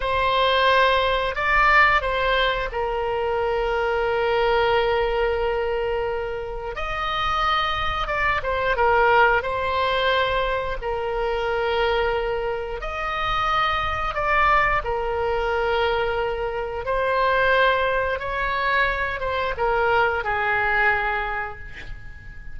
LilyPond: \new Staff \with { instrumentName = "oboe" } { \time 4/4 \tempo 4 = 89 c''2 d''4 c''4 | ais'1~ | ais'2 dis''2 | d''8 c''8 ais'4 c''2 |
ais'2. dis''4~ | dis''4 d''4 ais'2~ | ais'4 c''2 cis''4~ | cis''8 c''8 ais'4 gis'2 | }